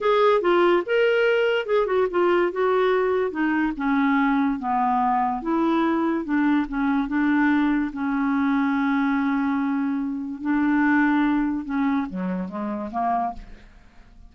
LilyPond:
\new Staff \with { instrumentName = "clarinet" } { \time 4/4 \tempo 4 = 144 gis'4 f'4 ais'2 | gis'8 fis'8 f'4 fis'2 | dis'4 cis'2 b4~ | b4 e'2 d'4 |
cis'4 d'2 cis'4~ | cis'1~ | cis'4 d'2. | cis'4 fis4 gis4 ais4 | }